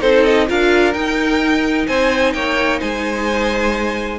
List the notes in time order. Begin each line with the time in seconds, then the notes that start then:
0.00 C4 D#4 A4 C5
0.24 D#5
0.47 D4 F4 A#4 F5
0.93 D#4 G5
1.87 C4 C5 G#5
2.33 A#3 C#5 G5
2.79 G#3 C5 G#5